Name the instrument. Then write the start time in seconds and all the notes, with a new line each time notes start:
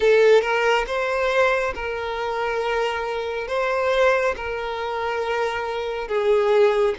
violin
0.00 A4
0.41 A#4
0.86 C5
1.74 A#4
3.47 C5
4.36 A#4
6.08 G#4